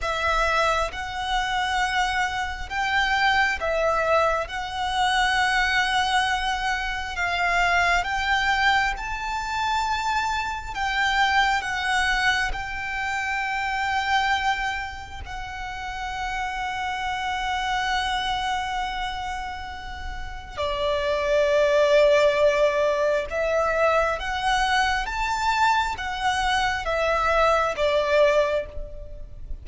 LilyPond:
\new Staff \with { instrumentName = "violin" } { \time 4/4 \tempo 4 = 67 e''4 fis''2 g''4 | e''4 fis''2. | f''4 g''4 a''2 | g''4 fis''4 g''2~ |
g''4 fis''2.~ | fis''2. d''4~ | d''2 e''4 fis''4 | a''4 fis''4 e''4 d''4 | }